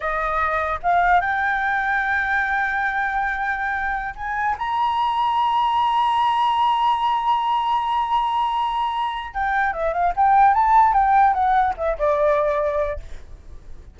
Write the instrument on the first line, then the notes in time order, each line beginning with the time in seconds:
flute
0.00 D#5
0.82 F5
1.20 G5
4.15 G#5
4.58 A#5
9.33 G5
9.73 E5
9.93 F5
10.16 G5
10.54 A5
10.93 G5
11.33 F#5
11.77 E5
11.98 D5